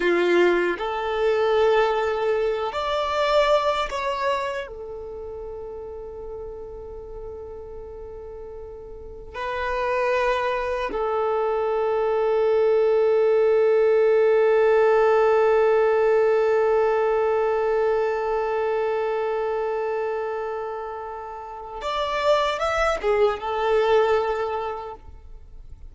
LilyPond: \new Staff \with { instrumentName = "violin" } { \time 4/4 \tempo 4 = 77 f'4 a'2~ a'8 d''8~ | d''4 cis''4 a'2~ | a'1 | b'2 a'2~ |
a'1~ | a'1~ | a'1 | d''4 e''8 gis'8 a'2 | }